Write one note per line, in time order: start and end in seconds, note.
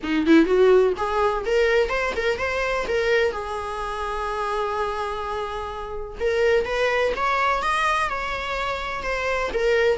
0.03 0.26 D#4
0.26 0.45 E4
0.45 0.93 F#4
0.97 1.44 G#4
1.45 1.89 A#4
1.89 2.13 C5
2.16 2.38 A#4
2.38 2.86 C5
2.88 3.32 A#4
3.32 6.17 G#4
6.20 6.65 A#4
6.65 7.13 B4
7.16 7.62 C#5
7.62 8.09 D#5
8.09 9.02 C#5
9.02 9.50 C5
9.53 9.98 A#4